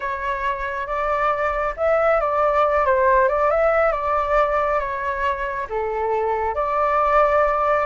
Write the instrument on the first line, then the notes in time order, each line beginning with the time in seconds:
flute
0.00 C#5
0.87 D5
1.76 E5
2.20 D5
2.85 C5
3.28 D5
3.50 E5
3.92 D5
4.79 C#5
5.69 A4
6.55 D5